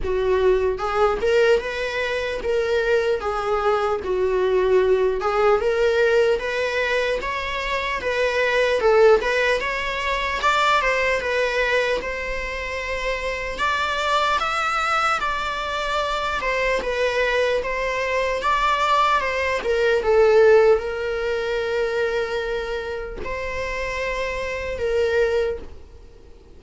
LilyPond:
\new Staff \with { instrumentName = "viola" } { \time 4/4 \tempo 4 = 75 fis'4 gis'8 ais'8 b'4 ais'4 | gis'4 fis'4. gis'8 ais'4 | b'4 cis''4 b'4 a'8 b'8 | cis''4 d''8 c''8 b'4 c''4~ |
c''4 d''4 e''4 d''4~ | d''8 c''8 b'4 c''4 d''4 | c''8 ais'8 a'4 ais'2~ | ais'4 c''2 ais'4 | }